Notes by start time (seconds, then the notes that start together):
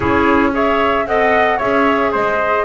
0.00 C#4 E4 G#4 C#5
0.52 G#4 C#5 E5
1.06 C4 A4 D#5 F#5
1.57 C#4 G#4 C#5 E5
2.12 G#3 C5 D#5